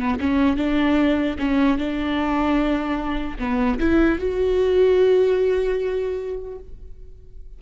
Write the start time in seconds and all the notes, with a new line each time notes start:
0.00 B3
0.21 C#4
0.57 D4
1.39 C#4
1.79 D4
3.39 B3
3.80 E4
4.19 F#4